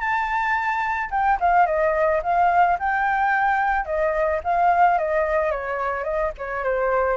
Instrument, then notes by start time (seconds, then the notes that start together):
flute
0.00 A5
1.11 G5
1.41 F5
1.67 D#5
2.24 F5
2.79 G5
3.86 D#5
4.44 F5
4.99 D#5
5.51 C#5
6.04 D#5
6.38 C#5
6.64 C5